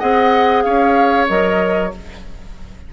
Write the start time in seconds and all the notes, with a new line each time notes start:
0.00 C4 G#4 D#5 F#5
0.63 C#4 C#5 F5
1.28 F#3 A#4 D#5